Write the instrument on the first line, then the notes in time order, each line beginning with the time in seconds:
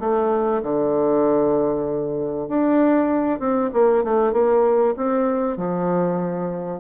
bassoon
0.00 A3
0.62 D3
2.48 D4
3.39 C4
3.73 A#3
4.04 A3
4.32 A#3
4.97 C4
5.57 F3